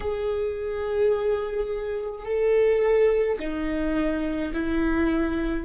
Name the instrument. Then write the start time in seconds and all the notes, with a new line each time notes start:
viola
0.00 G#4
2.25 A4
3.39 D#4
4.53 E4